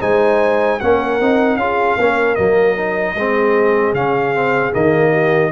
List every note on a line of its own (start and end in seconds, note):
0.00 0.80 G#3
0.00 0.79 D#4
0.00 0.79 C5
0.00 0.80 G#5
0.80 1.20 A#3
0.80 1.21 C#4
0.80 1.59 A#4
0.80 1.56 F#5
1.20 1.56 C4
1.20 1.59 D#4
1.56 1.96 C#4
1.56 1.99 F4
1.56 1.99 G#4
1.56 2.35 F5
1.98 2.37 A#3
1.98 2.37 C#4
1.98 3.14 A#4
2.35 3.14 F#3
2.35 2.76 A#3
2.35 3.93 D#5
2.76 3.16 D#4
3.14 3.93 G#3
3.14 3.95 C4
3.14 5.11 G#4
3.93 4.72 C#3
3.93 4.34 C#4
3.93 4.73 F5
4.34 4.72 C4
4.72 5.52 D#3
4.72 5.51 A#3
4.72 5.52 D#5
5.11 5.51 G4